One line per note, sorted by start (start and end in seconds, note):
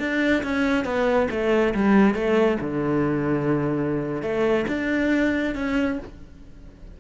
0.00 0.43 D4
0.44 0.85 C#4
0.85 1.29 B3
1.31 1.75 A3
1.75 2.15 G3
2.15 2.58 A3
2.61 4.23 D3
4.23 4.66 A3
4.69 5.56 D4
5.56 5.99 C#4